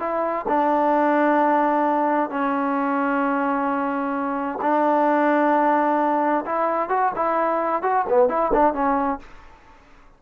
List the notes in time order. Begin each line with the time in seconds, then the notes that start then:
0.00 E4
0.48 D4
2.30 C#4
4.62 D4
6.46 E4
6.89 F#4
7.16 E4
7.83 F#4
8.09 B3
8.29 E4
8.54 D4
8.74 C#4